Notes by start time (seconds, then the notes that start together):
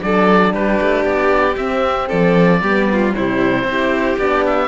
0.00 F#3 D4 A4 D5
0.53 G3 G4 B4
0.82 A3
1.04 B3 D5
1.57 C4 E5
2.08 F3 A4 D5
2.62 G3 B3 G4
2.93 F4
3.14 C3 G3 E4 C5
3.64 C4 E4
3.72 G4
4.19 B3 D4 D5
4.47 E5